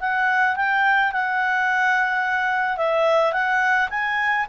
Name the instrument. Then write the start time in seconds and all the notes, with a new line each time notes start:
clarinet
0.00 F#5
0.56 G5
1.12 F#5
2.78 E5
3.33 F#5
3.90 G#5